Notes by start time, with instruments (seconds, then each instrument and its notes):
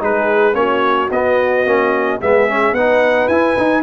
0.00 tuba G#3, trombone D#4, horn G#4, trumpet B4
0.53 tuba A#3, trombone C#4, horn F#4, trumpet C#5
1.11 tuba B3, trombone B3, trumpet D#5
1.66 tuba A#3, trombone C#4
2.21 tuba G#3, trombone B3, horn G#4, trumpet E5
2.49 trombone C#4
2.72 tuba B3, trombone D#4, horn B4, trumpet F#5
3.28 tuba E4, trombone E4, trumpet G#5
3.57 trombone D#4, tuba D#4